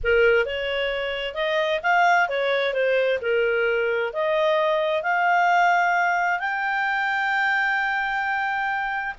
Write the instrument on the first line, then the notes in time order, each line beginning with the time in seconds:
clarinet
0.03 A#4
0.45 C#5
1.34 D#5
1.82 F5
2.28 C#5
2.73 C5
3.21 A#4
4.13 D#5
5.02 F5
6.39 G5